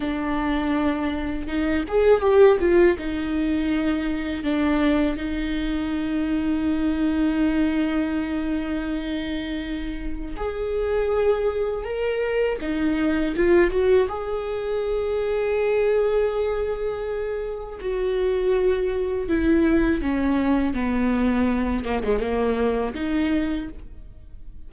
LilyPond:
\new Staff \with { instrumentName = "viola" } { \time 4/4 \tempo 4 = 81 d'2 dis'8 gis'8 g'8 f'8 | dis'2 d'4 dis'4~ | dis'1~ | dis'2 gis'2 |
ais'4 dis'4 f'8 fis'8 gis'4~ | gis'1 | fis'2 e'4 cis'4 | b4. ais16 gis16 ais4 dis'4 | }